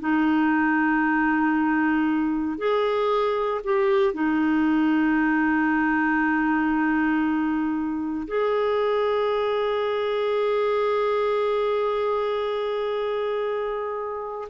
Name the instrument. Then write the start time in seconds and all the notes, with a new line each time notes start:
clarinet
0.00 D#4
2.58 G#4
3.64 G4
4.13 D#4
8.28 G#4